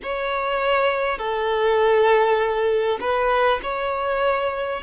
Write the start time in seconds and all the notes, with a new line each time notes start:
0.02 C#5
1.18 A4
3.00 B4
3.62 C#5